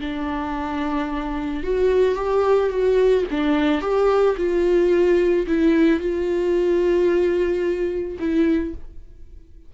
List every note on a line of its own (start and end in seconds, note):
0.00 1.63 D4
1.63 2.15 F#4
2.15 2.69 G4
2.70 3.24 F#4
3.30 3.81 D4
3.81 4.35 G4
4.37 5.46 F4
5.46 6.00 E4
6.00 8.18 F4
8.19 8.74 E4